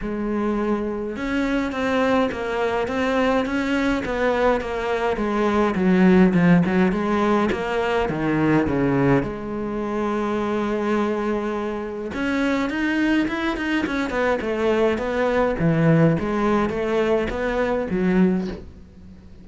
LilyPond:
\new Staff \with { instrumentName = "cello" } { \time 4/4 \tempo 4 = 104 gis2 cis'4 c'4 | ais4 c'4 cis'4 b4 | ais4 gis4 fis4 f8 fis8 | gis4 ais4 dis4 cis4 |
gis1~ | gis4 cis'4 dis'4 e'8 dis'8 | cis'8 b8 a4 b4 e4 | gis4 a4 b4 fis4 | }